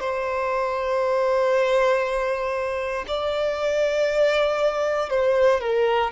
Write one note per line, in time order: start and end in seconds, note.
0.00 3.05 C5
3.08 5.10 D5
5.10 5.61 C5
5.61 6.12 A#4